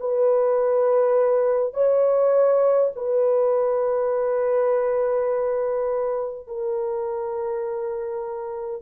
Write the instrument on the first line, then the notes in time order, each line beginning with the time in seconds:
horn
0.00 B4
1.74 C#5
2.96 B4
6.47 A#4